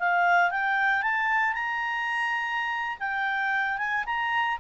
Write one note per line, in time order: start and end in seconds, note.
0.00 0.51 F5
0.51 1.03 G5
1.03 1.54 A5
1.54 2.98 A#5
3.00 3.78 G5
3.78 4.05 G#5
4.06 4.59 A#5